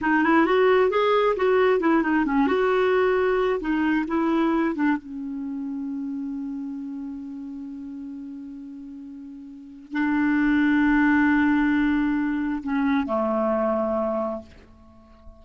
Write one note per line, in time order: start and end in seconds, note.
0.01 0.23 D#4
0.23 0.46 E4
0.46 0.90 F#4
0.90 1.35 G#4
1.36 1.80 F#4
1.80 2.02 E4
2.02 2.25 D#4
2.25 2.47 C#4
2.47 3.60 F#4
3.60 4.05 D#4
4.07 4.75 E4
4.75 4.97 D4
4.97 9.92 C#4
9.92 12.63 D4
12.63 13.06 C#4
13.06 14.41 A3